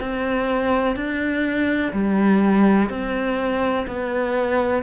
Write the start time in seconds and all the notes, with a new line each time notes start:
0.00 C4
0.95 D4
1.92 G3
2.89 C4
3.87 B3